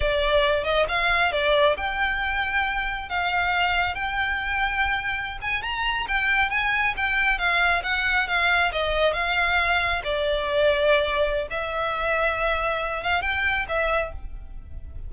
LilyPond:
\new Staff \with { instrumentName = "violin" } { \time 4/4 \tempo 4 = 136 d''4. dis''8 f''4 d''4 | g''2. f''4~ | f''4 g''2.~ | g''16 gis''8 ais''4 g''4 gis''4 g''16~ |
g''8. f''4 fis''4 f''4 dis''16~ | dis''8. f''2 d''4~ d''16~ | d''2 e''2~ | e''4. f''8 g''4 e''4 | }